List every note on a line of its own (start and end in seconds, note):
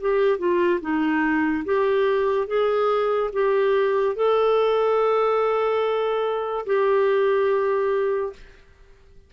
0.00 0.38 G4
0.38 0.80 F4
0.80 1.64 D#4
1.64 2.47 G4
2.47 3.30 G#4
3.33 4.15 G4
4.15 6.65 A4
6.66 8.32 G4